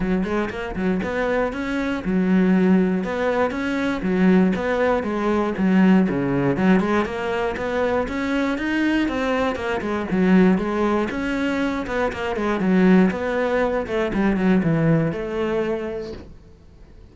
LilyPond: \new Staff \with { instrumentName = "cello" } { \time 4/4 \tempo 4 = 119 fis8 gis8 ais8 fis8 b4 cis'4 | fis2 b4 cis'4 | fis4 b4 gis4 fis4 | cis4 fis8 gis8 ais4 b4 |
cis'4 dis'4 c'4 ais8 gis8 | fis4 gis4 cis'4. b8 | ais8 gis8 fis4 b4. a8 | g8 fis8 e4 a2 | }